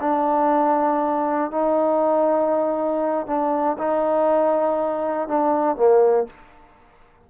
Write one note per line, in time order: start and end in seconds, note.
0.00 1.51 D4
1.51 3.27 D#4
3.27 3.77 D4
3.78 5.28 D#4
5.28 5.76 D4
5.76 6.27 A#3